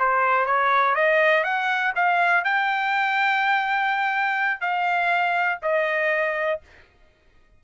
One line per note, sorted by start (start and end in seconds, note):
0.00 0.46 C5
0.46 0.95 C#5
0.95 1.44 D#5
1.44 1.93 F#5
1.96 2.45 F5
2.45 4.61 G5
4.61 5.60 F5
5.63 6.61 D#5